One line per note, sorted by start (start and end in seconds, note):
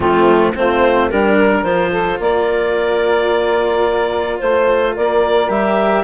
0.00 0.55 F3
0.00 0.54 A3
0.00 0.53 C4
0.00 0.53 F4
0.55 1.11 A3
0.55 1.10 C4
0.55 1.09 F4
0.55 1.10 C5
1.09 1.63 G3
1.09 1.65 D4
1.09 1.37 G4
1.09 1.64 A#4
1.37 1.91 A#4
1.63 2.18 F3
1.63 5.48 F4
1.63 2.19 C5
1.91 2.18 A4
2.18 4.40 A#3
2.18 4.39 A#4
2.18 4.39 D5
4.39 4.96 A3
4.39 4.94 C5
4.94 5.49 A#3
4.94 6.03 A#4
4.94 5.49 D5
5.48 6.03 G3
5.48 6.03 G4
5.48 6.03 E5